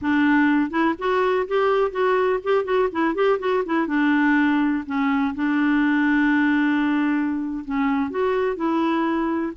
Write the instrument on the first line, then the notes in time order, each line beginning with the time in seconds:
clarinet
0.01 D4
0.70 E4
0.98 F#4
1.47 G4
1.91 F#4
2.43 G4
2.64 F#4
2.92 E4
3.14 G4
3.39 F#4
3.65 E4
3.87 D4
4.86 C#4
5.34 D4
7.64 C#4
8.10 F#4
8.56 E4